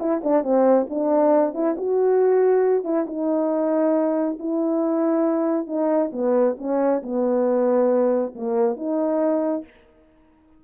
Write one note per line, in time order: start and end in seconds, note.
0.00 0.22 E4
0.24 0.44 D4
0.44 0.87 C4
0.90 1.54 D4
1.54 1.76 E4
1.78 2.84 F#4
2.84 3.06 E4
3.07 4.39 D#4
4.40 5.67 E4
5.67 6.11 D#4
6.13 6.57 B3
6.59 7.02 C#4
7.03 8.35 B3
8.35 8.77 A#3
8.77 9.64 D#4